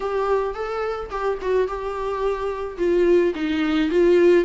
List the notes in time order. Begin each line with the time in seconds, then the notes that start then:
0.00 G4
0.54 A4
1.10 G4
1.41 F#4
1.67 G4
2.77 F4
3.35 D#4
3.90 F4